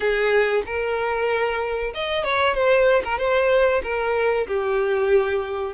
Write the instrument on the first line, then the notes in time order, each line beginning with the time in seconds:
violin
0.00 G#4
0.66 A#4
1.94 D#5
2.23 C#5
2.54 C5
3.04 A#4
3.18 C5
3.83 A#4
4.47 G4